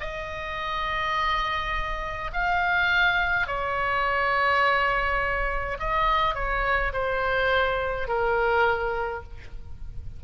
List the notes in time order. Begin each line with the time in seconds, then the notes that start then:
0.00 D#5
2.33 F5
3.47 C#5
5.80 D#5
6.35 C#5
6.93 C5
8.08 A#4